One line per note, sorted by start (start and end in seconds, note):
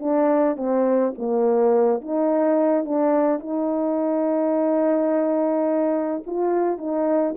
0.00 0.57 D4
0.57 1.13 C4
1.18 2.01 A#3
2.01 2.85 D#4
2.85 3.40 D4
3.40 6.23 D#4
6.27 6.78 F4
6.78 7.35 D#4